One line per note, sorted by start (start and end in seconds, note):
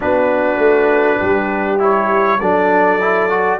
0.00 0.58 B3
0.00 1.78 D4
0.00 1.19 F#4
0.00 1.81 B4
0.58 1.18 A3
1.19 2.40 G3
1.19 2.39 G4
1.78 2.38 E4
1.78 2.40 C#5
2.40 3.59 F#3
2.40 3.00 D4
2.40 3.59 A4
2.40 3.59 D5
3.00 3.29 E4
3.29 3.59 F#4